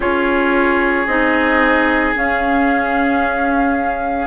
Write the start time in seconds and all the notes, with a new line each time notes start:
0.00 C#4 F4 G#4 C#5
1.06 C4 D#4 D#5
2.14 C#4 F5